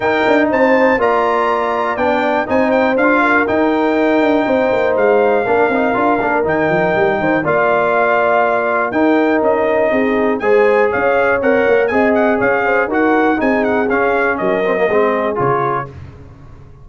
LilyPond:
<<
  \new Staff \with { instrumentName = "trumpet" } { \time 4/4 \tempo 4 = 121 g''4 a''4 ais''2 | g''4 gis''8 g''8 f''4 g''4~ | g''2 f''2~ | f''4 g''2 f''4~ |
f''2 g''4 dis''4~ | dis''4 gis''4 f''4 fis''4 | gis''8 fis''8 f''4 fis''4 gis''8 fis''8 | f''4 dis''2 cis''4 | }
  \new Staff \with { instrumentName = "horn" } { \time 4/4 ais'4 c''4 d''2~ | d''4 c''4. ais'4.~ | ais'4 c''2 ais'4~ | ais'2~ ais'8 c''8 d''4~ |
d''2 ais'2 | gis'4 c''4 cis''2 | dis''4 cis''8 c''8 ais'4 gis'4~ | gis'4 ais'4 gis'2 | }
  \new Staff \with { instrumentName = "trombone" } { \time 4/4 dis'2 f'2 | d'4 dis'4 f'4 dis'4~ | dis'2. d'8 dis'8 | f'8 d'8 dis'2 f'4~ |
f'2 dis'2~ | dis'4 gis'2 ais'4 | gis'2 fis'4 dis'4 | cis'4. c'16 ais16 c'4 f'4 | }
  \new Staff \with { instrumentName = "tuba" } { \time 4/4 dis'8 d'8 c'4 ais2 | b4 c'4 d'4 dis'4~ | dis'8 d'8 c'8 ais8 gis4 ais8 c'8 | d'8 ais8 dis8 f8 g8 dis8 ais4~ |
ais2 dis'4 cis'4 | c'4 gis4 cis'4 c'8 ais8 | c'4 cis'4 dis'4 c'4 | cis'4 fis4 gis4 cis4 | }
>>